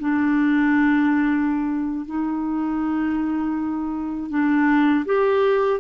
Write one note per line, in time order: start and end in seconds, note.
0.00 2.06 D4
2.06 4.30 D#4
4.30 5.05 D4
5.06 5.81 G4